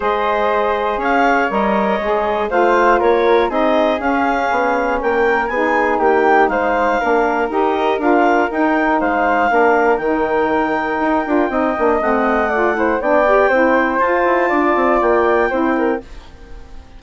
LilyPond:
<<
  \new Staff \with { instrumentName = "clarinet" } { \time 4/4 \tempo 4 = 120 dis''2 f''4 dis''4~ | dis''4 f''4 cis''4 dis''4 | f''2 g''4 gis''4 | g''4 f''2 dis''4 |
f''4 g''4 f''2 | g''1 | fis''2 g''2 | a''2 g''2 | }
  \new Staff \with { instrumentName = "flute" } { \time 4/4 c''2 cis''2~ | cis''4 c''4 ais'4 gis'4~ | gis'2 ais'4 gis'4 | g'4 c''4 ais'2~ |
ais'2 c''4 ais'4~ | ais'2. dis''4~ | dis''4 d''8 c''8 d''4 c''4~ | c''4 d''2 c''8 ais'8 | }
  \new Staff \with { instrumentName = "saxophone" } { \time 4/4 gis'2. ais'4 | gis'4 f'2 dis'4 | cis'2. dis'4~ | dis'2 d'4 g'4 |
f'4 dis'2 d'4 | dis'2~ dis'8 f'8 dis'8 d'8 | c'4 f'8 e'8 d'8 g'8 e'4 | f'2. e'4 | }
  \new Staff \with { instrumentName = "bassoon" } { \time 4/4 gis2 cis'4 g4 | gis4 a4 ais4 c'4 | cis'4 b4 ais4 b4 | ais4 gis4 ais4 dis'4 |
d'4 dis'4 gis4 ais4 | dis2 dis'8 d'8 c'8 ais8 | a2 b4 c'4 | f'8 e'8 d'8 c'8 ais4 c'4 | }
>>